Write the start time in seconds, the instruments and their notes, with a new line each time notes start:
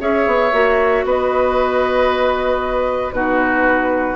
0.00 bassoon C#4, clarinet G#4, oboe C#5, flute E5
0.26 bassoon B3
0.52 bassoon A#3, clarinet F#4
1.04 bassoon B3, oboe B4, flute D#5
3.12 bassoon B2, clarinet D#4, oboe F#4, flute B4